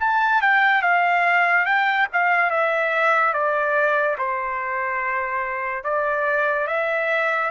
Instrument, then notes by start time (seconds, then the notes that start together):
trumpet
0.00 A5
0.42 G5
0.82 F5
1.66 G5
2.13 F5
2.50 E5
3.34 D5
4.18 C5
5.84 D5
6.67 E5